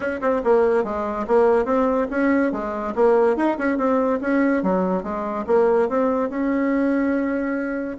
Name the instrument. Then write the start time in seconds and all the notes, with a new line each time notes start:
bassoon
0.00 C#4
0.21 C4
0.43 A#3
0.84 G#3
1.27 A#3
1.65 C4
2.10 C#4
2.52 G#3
2.95 A#3
3.36 D#4
3.58 C#4
3.77 C4
4.20 C#4
4.62 F#3
5.03 G#3
5.46 A#3
5.89 C4
6.29 C#4